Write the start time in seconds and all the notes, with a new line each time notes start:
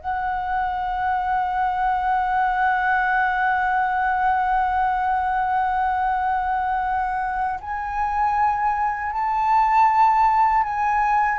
0.00 F#5
7.61 G#5
9.12 A5
10.63 G#5